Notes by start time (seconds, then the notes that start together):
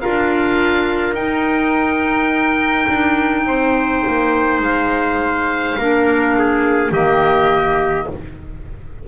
0.00 D4 F4 A#4 F5
1.13 D#4 G5
2.89 D4
3.45 C4 C5
4.07 A#3
4.60 G#3 F5
5.78 A#3 D4 A#4
6.38 G#4
6.91 D#3 A#3 G4 D#5